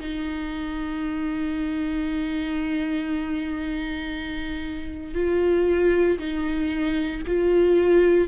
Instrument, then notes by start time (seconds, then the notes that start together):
viola
0.00 D#4
5.14 F4
6.18 D#4
7.27 F4